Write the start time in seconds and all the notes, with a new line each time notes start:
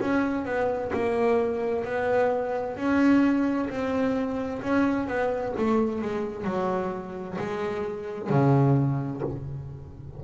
0.00 C#4
0.45 B3
0.93 A#3
1.85 B3
2.77 C#4
3.69 C4
4.62 C#4
5.07 B3
5.57 A3
6.02 G#3
6.44 F#3
7.38 G#3
8.30 C#3